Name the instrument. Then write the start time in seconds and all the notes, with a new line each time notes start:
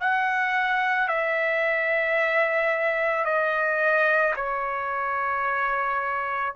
trumpet
0.00 F#5
1.08 E5
3.24 D#5
4.36 C#5